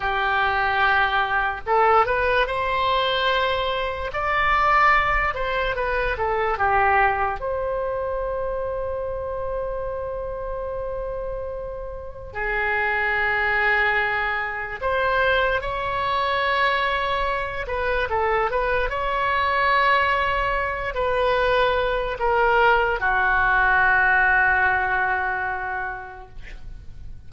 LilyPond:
\new Staff \with { instrumentName = "oboe" } { \time 4/4 \tempo 4 = 73 g'2 a'8 b'8 c''4~ | c''4 d''4. c''8 b'8 a'8 | g'4 c''2.~ | c''2. gis'4~ |
gis'2 c''4 cis''4~ | cis''4. b'8 a'8 b'8 cis''4~ | cis''4. b'4. ais'4 | fis'1 | }